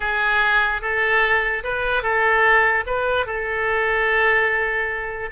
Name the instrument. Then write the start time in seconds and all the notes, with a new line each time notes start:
oboe
0.00 G#4
0.81 A4
1.63 B4
2.03 A4
2.86 B4
3.26 A4